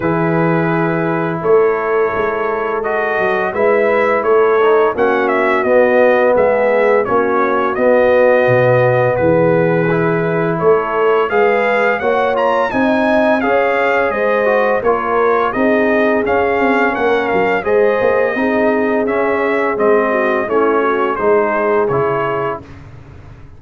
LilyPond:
<<
  \new Staff \with { instrumentName = "trumpet" } { \time 4/4 \tempo 4 = 85 b'2 cis''2 | dis''4 e''4 cis''4 fis''8 e''8 | dis''4 e''4 cis''4 dis''4~ | dis''4 b'2 cis''4 |
f''4 fis''8 ais''8 gis''4 f''4 | dis''4 cis''4 dis''4 f''4 | fis''8 f''8 dis''2 e''4 | dis''4 cis''4 c''4 cis''4 | }
  \new Staff \with { instrumentName = "horn" } { \time 4/4 gis'2 a'2~ | a'4 b'4 a'4 fis'4~ | fis'4 gis'4 fis'2~ | fis'4 gis'2 a'4 |
b'4 cis''4 dis''4 cis''4 | c''4 ais'4 gis'2 | ais'4 c''4 gis'2~ | gis'8 fis'8 e'8 fis'8 gis'2 | }
  \new Staff \with { instrumentName = "trombone" } { \time 4/4 e'1 | fis'4 e'4. dis'8 cis'4 | b2 cis'4 b4~ | b2 e'2 |
gis'4 fis'8 f'8 dis'4 gis'4~ | gis'8 fis'8 f'4 dis'4 cis'4~ | cis'4 gis'4 dis'4 cis'4 | c'4 cis'4 dis'4 e'4 | }
  \new Staff \with { instrumentName = "tuba" } { \time 4/4 e2 a4 gis4~ | gis8 fis8 gis4 a4 ais4 | b4 gis4 ais4 b4 | b,4 e2 a4 |
gis4 ais4 c'4 cis'4 | gis4 ais4 c'4 cis'8 c'8 | ais8 fis8 gis8 ais8 c'4 cis'4 | gis4 a4 gis4 cis4 | }
>>